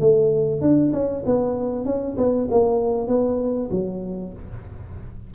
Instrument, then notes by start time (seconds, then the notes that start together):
tuba
0.00 A3
0.61 D4
0.93 C#4
1.26 B3
1.85 C#4
2.17 B3
2.51 A#3
3.08 B3
3.71 F#3